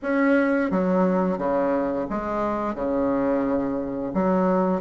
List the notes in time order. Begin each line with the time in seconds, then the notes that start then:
0.02 C#4
0.70 F#3
1.38 C#3
2.09 G#3
2.74 C#3
4.14 F#3